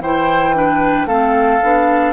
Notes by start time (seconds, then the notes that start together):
0.00 E3 E4 C5 G5
0.54 D4 B4
1.06 A3 C4 A4 F5
1.63 B3 D4